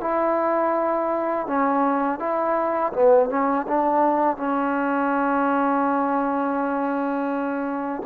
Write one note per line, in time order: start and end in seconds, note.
0.00 1.46 E4
1.47 2.19 C#4
2.19 2.92 E4
2.92 3.29 B3
3.29 3.66 C#4
3.67 4.36 D4
4.36 8.02 C#4